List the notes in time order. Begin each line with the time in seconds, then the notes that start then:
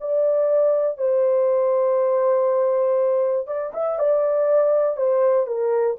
0.00 D5
0.97 C5
3.47 D5
3.73 E5
3.98 D5
4.96 C5
5.46 A#4